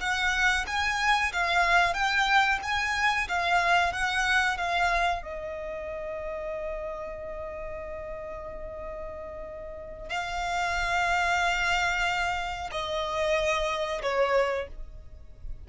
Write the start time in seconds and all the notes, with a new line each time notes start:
0.00 F#5
0.66 G#5
1.32 F5
1.94 G5
2.62 G#5
3.28 F5
3.92 F#5
4.57 F5
5.22 D#5
10.09 F5
12.71 D#5
14.02 C#5